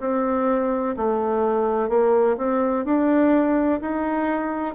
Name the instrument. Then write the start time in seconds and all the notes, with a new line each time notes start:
bassoon
0.00 C4
0.97 A3
1.89 A#3
2.37 C4
2.85 D4
3.81 D#4